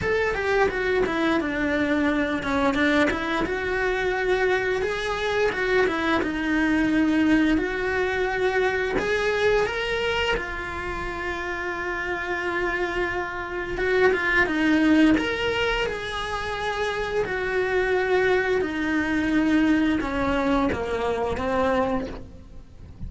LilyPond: \new Staff \with { instrumentName = "cello" } { \time 4/4 \tempo 4 = 87 a'8 g'8 fis'8 e'8 d'4. cis'8 | d'8 e'8 fis'2 gis'4 | fis'8 e'8 dis'2 fis'4~ | fis'4 gis'4 ais'4 f'4~ |
f'1 | fis'8 f'8 dis'4 ais'4 gis'4~ | gis'4 fis'2 dis'4~ | dis'4 cis'4 ais4 c'4 | }